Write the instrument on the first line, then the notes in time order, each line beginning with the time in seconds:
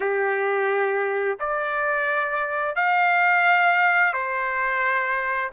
trumpet
0.00 G4
1.39 D5
2.75 F5
4.13 C5